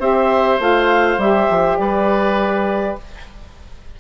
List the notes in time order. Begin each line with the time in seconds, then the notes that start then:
0.00 C4 G4 C5 E5
0.59 A3 F4 F5
1.18 G3 G4 E5
1.51 F3
1.78 G3 B4 D5